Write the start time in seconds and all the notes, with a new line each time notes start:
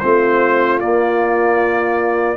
0.00 A3 C4 F4 C5
0.80 A#3 D5